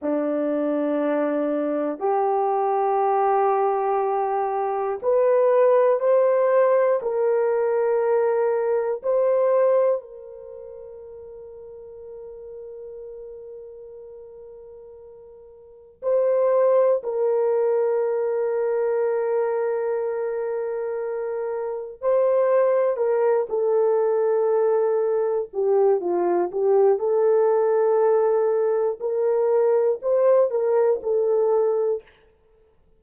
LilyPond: \new Staff \with { instrumentName = "horn" } { \time 4/4 \tempo 4 = 60 d'2 g'2~ | g'4 b'4 c''4 ais'4~ | ais'4 c''4 ais'2~ | ais'1 |
c''4 ais'2.~ | ais'2 c''4 ais'8 a'8~ | a'4. g'8 f'8 g'8 a'4~ | a'4 ais'4 c''8 ais'8 a'4 | }